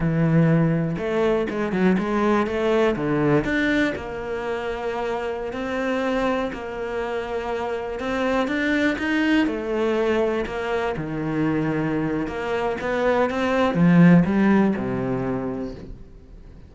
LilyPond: \new Staff \with { instrumentName = "cello" } { \time 4/4 \tempo 4 = 122 e2 a4 gis8 fis8 | gis4 a4 d4 d'4 | ais2.~ ais16 c'8.~ | c'4~ c'16 ais2~ ais8.~ |
ais16 c'4 d'4 dis'4 a8.~ | a4~ a16 ais4 dis4.~ dis16~ | dis4 ais4 b4 c'4 | f4 g4 c2 | }